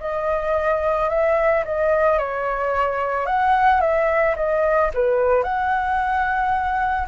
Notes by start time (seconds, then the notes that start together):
0.00 D#5
1.09 E5
1.65 D#5
2.18 C#5
3.26 F#5
3.81 E5
4.36 D#5
4.94 B4
5.43 F#5